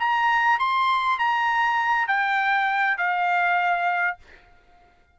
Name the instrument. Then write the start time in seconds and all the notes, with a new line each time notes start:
trumpet
0.00 A#5
0.59 C6
1.19 A#5
2.08 G5
2.98 F5